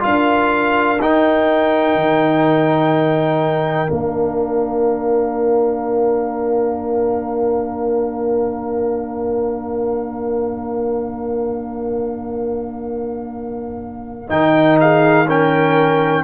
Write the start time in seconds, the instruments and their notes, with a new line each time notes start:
0.00 tuba D4, trombone F4, horn A#4, trumpet F5
1.00 tuba D#4, trombone D#4, trumpet G5
1.95 tuba D#3
3.87 tuba A#3, trombone D4, trumpet F5
14.29 tuba D#3, trombone D#4, trumpet G5
14.80 horn G#4, trumpet F5
15.27 trombone C#4, horn A#4, trumpet G5